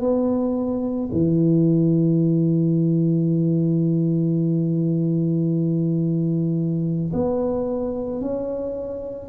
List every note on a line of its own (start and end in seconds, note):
0.00 1.09 B3
1.12 7.12 E3
7.13 8.21 B3
8.21 9.28 C#4